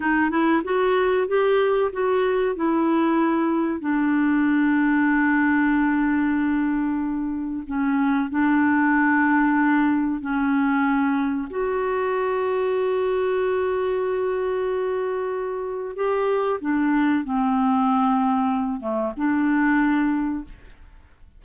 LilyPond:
\new Staff \with { instrumentName = "clarinet" } { \time 4/4 \tempo 4 = 94 dis'8 e'8 fis'4 g'4 fis'4 | e'2 d'2~ | d'1 | cis'4 d'2. |
cis'2 fis'2~ | fis'1~ | fis'4 g'4 d'4 c'4~ | c'4. a8 d'2 | }